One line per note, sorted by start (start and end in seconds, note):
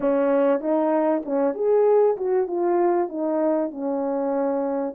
0.00 0.60 C#4
0.60 1.22 D#4
1.25 1.54 C#4
1.54 2.16 G#4
2.16 2.47 F#4
2.47 3.08 F4
3.08 3.70 D#4
3.70 4.94 C#4